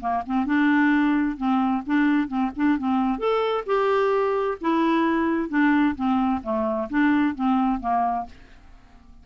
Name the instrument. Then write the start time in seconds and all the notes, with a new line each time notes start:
clarinet
0.00 A#3
0.26 C4
0.45 D4
1.37 C4
1.86 D4
2.28 C4
2.56 D4
2.78 C4
3.18 A4
3.66 G4
4.61 E4
5.49 D4
5.95 C4
6.43 A3
6.90 D4
7.35 C4
7.80 A#3